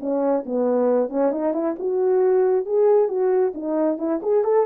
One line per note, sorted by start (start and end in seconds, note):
0.00 0.44 C#4
0.45 1.09 B3
1.09 1.31 C#4
1.32 1.53 D#4
1.53 1.76 E4
1.79 2.65 F#4
2.65 3.08 G#4
3.08 3.53 F#4
3.54 3.98 D#4
3.98 4.20 E4
4.22 4.44 G#4
4.44 4.66 A4